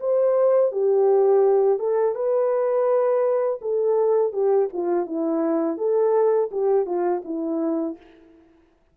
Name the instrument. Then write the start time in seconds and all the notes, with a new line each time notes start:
horn
0.00 C5
0.72 G4
1.79 A4
2.16 B4
3.62 A4
4.33 G4
4.73 F4
5.07 E4
5.78 A4
6.52 G4
6.86 F4
7.25 E4